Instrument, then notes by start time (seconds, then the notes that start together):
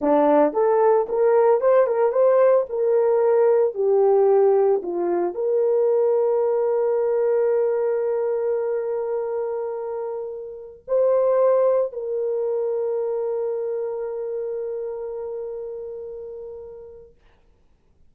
horn
0.01 D4
0.53 A4
1.09 A#4
1.60 C5
1.86 A#4
2.12 C5
2.69 A#4
3.74 G4
4.82 F4
5.34 A#4
10.87 C5
11.92 A#4